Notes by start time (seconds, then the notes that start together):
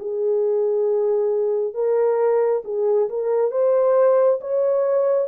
0.00 G#4
1.74 A#4
2.65 G#4
3.10 A#4
3.52 C5
4.41 C#5